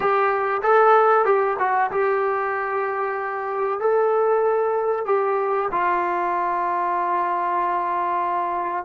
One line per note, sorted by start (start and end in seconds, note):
0.00 0.61 G4
0.62 1.25 A4
1.25 1.56 G4
1.59 1.91 F#4
1.91 3.80 G4
3.80 5.05 A4
5.05 5.68 G4
5.71 8.84 F4